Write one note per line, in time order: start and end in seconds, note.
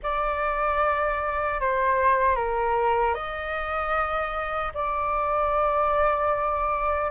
0.03 1.60 D5
1.60 2.35 C5
2.35 3.14 A#4
3.14 4.72 D#5
4.74 7.11 D5